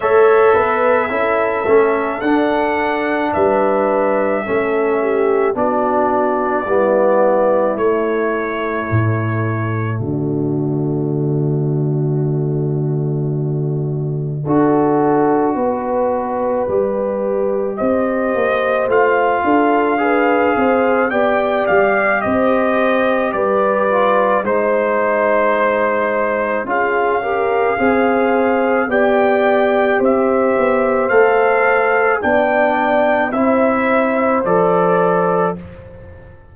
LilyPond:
<<
  \new Staff \with { instrumentName = "trumpet" } { \time 4/4 \tempo 4 = 54 e''2 fis''4 e''4~ | e''4 d''2 cis''4~ | cis''4 d''2.~ | d''1 |
dis''4 f''2 g''8 f''8 | dis''4 d''4 c''2 | f''2 g''4 e''4 | f''4 g''4 e''4 d''4 | }
  \new Staff \with { instrumentName = "horn" } { \time 4/4 cis''8 b'8 a'2 b'4 | a'8 g'8 fis'4 e'2~ | e'4 fis'2.~ | fis'4 a'4 b'2 |
c''4. a'8 b'8 c''8 d''4 | c''4 b'4 c''2 | gis'8 ais'8 c''4 d''4 c''4~ | c''4 d''4 c''2 | }
  \new Staff \with { instrumentName = "trombone" } { \time 4/4 a'4 e'8 cis'8 d'2 | cis'4 d'4 b4 a4~ | a1~ | a4 fis'2 g'4~ |
g'4 f'4 gis'4 g'4~ | g'4. f'8 dis'2 | f'8 g'8 gis'4 g'2 | a'4 d'4 e'4 a'4 | }
  \new Staff \with { instrumentName = "tuba" } { \time 4/4 a8 b8 cis'8 a8 d'4 g4 | a4 b4 g4 a4 | a,4 d2.~ | d4 d'4 b4 g4 |
c'8 ais8 a8 d'4 c'8 b8 g8 | c'4 g4 gis2 | cis'4 c'4 b4 c'8 b8 | a4 b4 c'4 f4 | }
>>